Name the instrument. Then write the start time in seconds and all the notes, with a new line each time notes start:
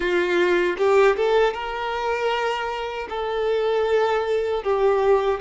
violin
0.00 F4
0.77 G4
1.16 A4
1.53 A#4
3.09 A4
4.63 G4